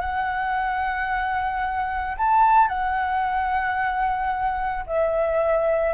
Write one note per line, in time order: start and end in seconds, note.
0.00 2.16 F#5
2.17 2.68 A5
2.68 4.84 F#5
4.86 5.94 E5